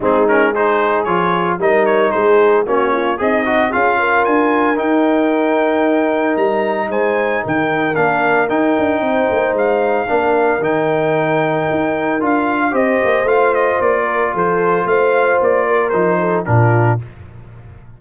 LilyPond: <<
  \new Staff \with { instrumentName = "trumpet" } { \time 4/4 \tempo 4 = 113 gis'8 ais'8 c''4 cis''4 dis''8 cis''8 | c''4 cis''4 dis''4 f''4 | gis''4 g''2. | ais''4 gis''4 g''4 f''4 |
g''2 f''2 | g''2. f''4 | dis''4 f''8 dis''8 d''4 c''4 | f''4 d''4 c''4 ais'4 | }
  \new Staff \with { instrumentName = "horn" } { \time 4/4 dis'4 gis'2 ais'4 | gis'4 fis'8 f'8 dis'4 gis'8 ais'8~ | ais'1~ | ais'4 c''4 ais'2~ |
ais'4 c''2 ais'4~ | ais'1 | c''2~ c''8 ais'8 a'4 | c''4. ais'4 a'8 f'4 | }
  \new Staff \with { instrumentName = "trombone" } { \time 4/4 c'8 cis'8 dis'4 f'4 dis'4~ | dis'4 cis'4 gis'8 fis'8 f'4~ | f'4 dis'2.~ | dis'2. d'4 |
dis'2. d'4 | dis'2. f'4 | g'4 f'2.~ | f'2 dis'4 d'4 | }
  \new Staff \with { instrumentName = "tuba" } { \time 4/4 gis2 f4 g4 | gis4 ais4 c'4 cis'4 | d'4 dis'2. | g4 gis4 dis4 ais4 |
dis'8 d'8 c'8 ais8 gis4 ais4 | dis2 dis'4 d'4 | c'8 ais8 a4 ais4 f4 | a4 ais4 f4 ais,4 | }
>>